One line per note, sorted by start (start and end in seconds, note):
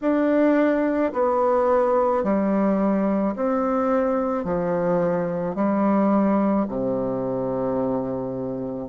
0.01 1.12 D4
1.12 2.23 B3
2.23 3.34 G3
3.35 4.44 C4
4.44 5.55 F3
5.55 6.66 G3
6.68 8.88 C3